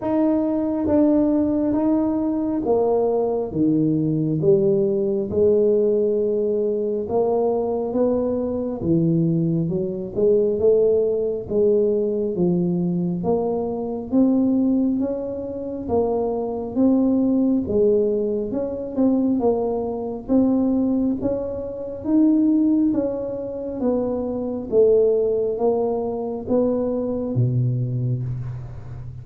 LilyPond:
\new Staff \with { instrumentName = "tuba" } { \time 4/4 \tempo 4 = 68 dis'4 d'4 dis'4 ais4 | dis4 g4 gis2 | ais4 b4 e4 fis8 gis8 | a4 gis4 f4 ais4 |
c'4 cis'4 ais4 c'4 | gis4 cis'8 c'8 ais4 c'4 | cis'4 dis'4 cis'4 b4 | a4 ais4 b4 b,4 | }